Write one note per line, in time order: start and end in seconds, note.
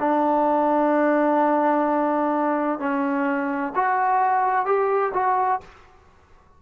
0.00 2.80 D4
2.80 3.73 C#4
3.75 4.66 F#4
4.66 5.13 G4
5.14 5.61 F#4